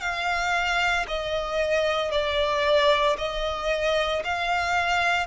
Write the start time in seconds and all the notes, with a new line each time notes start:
0.00 F5
1.07 D#5
2.11 D5
3.17 D#5
4.24 F5